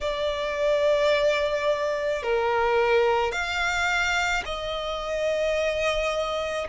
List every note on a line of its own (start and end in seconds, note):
0.00 2.22 D5
2.22 3.32 A#4
3.32 4.43 F5
4.45 6.67 D#5